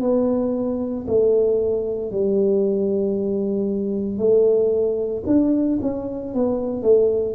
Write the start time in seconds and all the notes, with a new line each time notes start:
0.00 B3
1.07 A3
2.11 G3
4.18 A3
5.26 D4
5.81 C#4
6.33 B3
6.82 A3